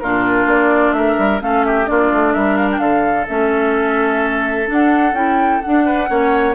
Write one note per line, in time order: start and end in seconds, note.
0.00 0.46 A#2
0.00 1.41 D4
0.00 0.96 F4
0.00 0.47 A#4
0.46 0.93 A#3
0.46 0.93 D5
0.93 1.16 A3
0.93 1.43 A#4
0.93 1.40 E5
1.19 1.41 G3
1.41 1.88 A3
1.41 1.85 C#4
1.41 1.67 A4
1.41 1.65 F5
1.65 1.90 G4
1.65 1.87 E5
1.85 2.12 A#3
1.85 3.26 D4
1.85 2.34 F4
1.85 2.34 D5
2.12 2.35 A3
2.34 2.79 G3
2.34 2.80 A#4
2.34 2.57 E5
2.57 2.69 F5
2.72 2.79 G5
2.79 3.26 D3
2.79 5.86 A4
2.79 3.26 F5
3.28 4.70 A3
3.28 4.67 C#4
3.28 4.69 E5
4.67 5.13 D4
4.67 5.15 F#5
5.13 5.60 C#4
5.13 5.61 E4
5.13 5.62 G5
5.62 6.08 D4
5.62 6.10 D4
5.62 6.56 F#5
5.86 6.09 B4
6.08 6.56 A#3
6.08 6.55 C#4
6.08 6.56 C#5